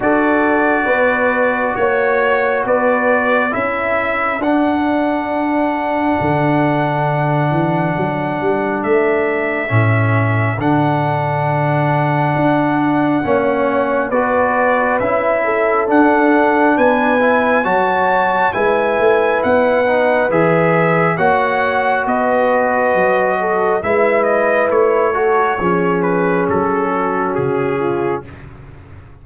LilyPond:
<<
  \new Staff \with { instrumentName = "trumpet" } { \time 4/4 \tempo 4 = 68 d''2 cis''4 d''4 | e''4 fis''2.~ | fis''2 e''2 | fis''1 |
d''4 e''4 fis''4 gis''4 | a''4 gis''4 fis''4 e''4 | fis''4 dis''2 e''8 dis''8 | cis''4. b'8 a'4 gis'4 | }
  \new Staff \with { instrumentName = "horn" } { \time 4/4 a'4 b'4 cis''4 b'4 | a'1~ | a'1~ | a'2. cis''4 |
b'4. a'4. b'4 | cis''4 b'2. | cis''4 b'4. a'8 b'4~ | b'8 a'8 gis'4. fis'4 f'8 | }
  \new Staff \with { instrumentName = "trombone" } { \time 4/4 fis'1 | e'4 d'2.~ | d'2. cis'4 | d'2. cis'4 |
fis'4 e'4 d'4. e'8 | fis'4 e'4. dis'8 gis'4 | fis'2. e'4~ | e'8 fis'8 cis'2. | }
  \new Staff \with { instrumentName = "tuba" } { \time 4/4 d'4 b4 ais4 b4 | cis'4 d'2 d4~ | d8 e8 fis8 g8 a4 a,4 | d2 d'4 ais4 |
b4 cis'4 d'4 b4 | fis4 gis8 a8 b4 e4 | ais4 b4 fis4 gis4 | a4 f4 fis4 cis4 | }
>>